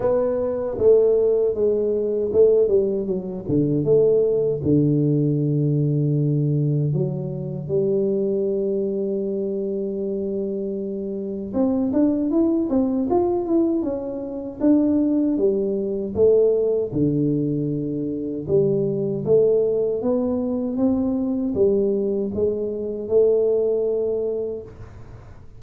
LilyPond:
\new Staff \with { instrumentName = "tuba" } { \time 4/4 \tempo 4 = 78 b4 a4 gis4 a8 g8 | fis8 d8 a4 d2~ | d4 fis4 g2~ | g2. c'8 d'8 |
e'8 c'8 f'8 e'8 cis'4 d'4 | g4 a4 d2 | g4 a4 b4 c'4 | g4 gis4 a2 | }